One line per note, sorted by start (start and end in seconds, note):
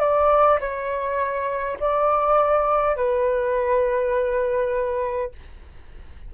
0.00 0.59 D5
0.60 1.78 C#5
1.80 2.96 D5
2.96 5.32 B4